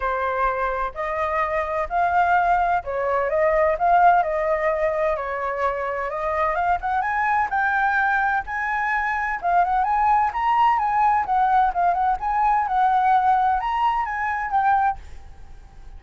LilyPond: \new Staff \with { instrumentName = "flute" } { \time 4/4 \tempo 4 = 128 c''2 dis''2 | f''2 cis''4 dis''4 | f''4 dis''2 cis''4~ | cis''4 dis''4 f''8 fis''8 gis''4 |
g''2 gis''2 | f''8 fis''8 gis''4 ais''4 gis''4 | fis''4 f''8 fis''8 gis''4 fis''4~ | fis''4 ais''4 gis''4 g''4 | }